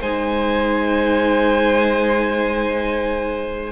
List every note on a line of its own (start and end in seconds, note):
0.00 3.72 G#3
0.00 3.72 D#4
0.00 3.72 C5
0.00 3.72 G#5